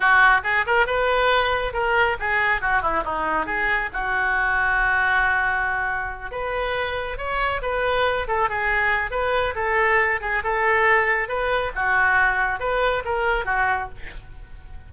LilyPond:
\new Staff \with { instrumentName = "oboe" } { \time 4/4 \tempo 4 = 138 fis'4 gis'8 ais'8 b'2 | ais'4 gis'4 fis'8 e'8 dis'4 | gis'4 fis'2.~ | fis'2~ fis'8 b'4.~ |
b'8 cis''4 b'4. a'8 gis'8~ | gis'4 b'4 a'4. gis'8 | a'2 b'4 fis'4~ | fis'4 b'4 ais'4 fis'4 | }